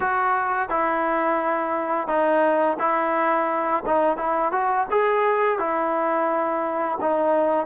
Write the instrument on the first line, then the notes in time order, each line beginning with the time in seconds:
trombone
0.00 F#4
0.69 E4
2.07 D#4
2.79 E4
3.86 D#4
4.17 E4
4.52 F#4
4.90 G#4
5.58 E4
7.01 D#4